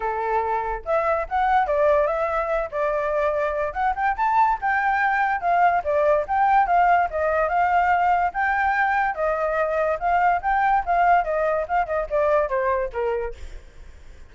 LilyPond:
\new Staff \with { instrumentName = "flute" } { \time 4/4 \tempo 4 = 144 a'2 e''4 fis''4 | d''4 e''4. d''4.~ | d''4 fis''8 g''8 a''4 g''4~ | g''4 f''4 d''4 g''4 |
f''4 dis''4 f''2 | g''2 dis''2 | f''4 g''4 f''4 dis''4 | f''8 dis''8 d''4 c''4 ais'4 | }